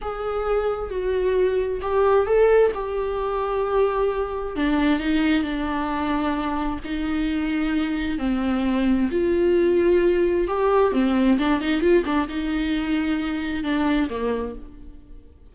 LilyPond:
\new Staff \with { instrumentName = "viola" } { \time 4/4 \tempo 4 = 132 gis'2 fis'2 | g'4 a'4 g'2~ | g'2 d'4 dis'4 | d'2. dis'4~ |
dis'2 c'2 | f'2. g'4 | c'4 d'8 dis'8 f'8 d'8 dis'4~ | dis'2 d'4 ais4 | }